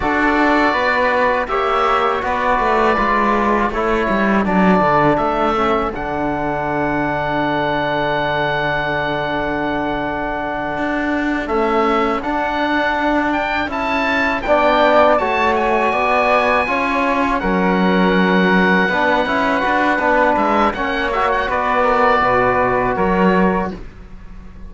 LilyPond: <<
  \new Staff \with { instrumentName = "oboe" } { \time 4/4 \tempo 4 = 81 d''2 e''4 d''4~ | d''4 cis''4 d''4 e''4 | fis''1~ | fis''2.~ fis''8 e''8~ |
e''8 fis''4. g''8 a''4 g''8~ | g''8 a''8 gis''2~ gis''8 fis''8~ | fis''2.~ fis''8 e''8 | fis''8 e''16 fis''16 d''2 cis''4 | }
  \new Staff \with { instrumentName = "flute" } { \time 4/4 a'4 b'4 cis''4 b'4~ | b'4 a'2.~ | a'1~ | a'1~ |
a'2.~ a'8 d''8~ | d''8 cis''4 d''4 cis''4 ais'8~ | ais'4. b'2~ b'8 | cis''4 b'8 ais'8 b'4 ais'4 | }
  \new Staff \with { instrumentName = "trombone" } { \time 4/4 fis'2 g'4 fis'4 | f'4 e'4 d'4. cis'8 | d'1~ | d'2.~ d'8 a8~ |
a8 d'2 e'4 d'8~ | d'8 fis'2 f'4 cis'8~ | cis'4. d'8 e'8 fis'8 d'4 | cis'8 fis'2.~ fis'8 | }
  \new Staff \with { instrumentName = "cello" } { \time 4/4 d'4 b4 ais4 b8 a8 | gis4 a8 g8 fis8 d8 a4 | d1~ | d2~ d8 d'4 cis'8~ |
cis'8 d'2 cis'4 b8~ | b8 a4 b4 cis'4 fis8~ | fis4. b8 cis'8 d'8 b8 gis8 | ais4 b4 b,4 fis4 | }
>>